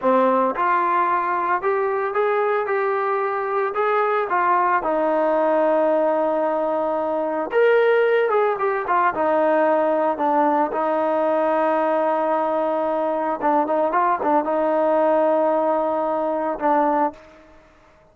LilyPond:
\new Staff \with { instrumentName = "trombone" } { \time 4/4 \tempo 4 = 112 c'4 f'2 g'4 | gis'4 g'2 gis'4 | f'4 dis'2.~ | dis'2 ais'4. gis'8 |
g'8 f'8 dis'2 d'4 | dis'1~ | dis'4 d'8 dis'8 f'8 d'8 dis'4~ | dis'2. d'4 | }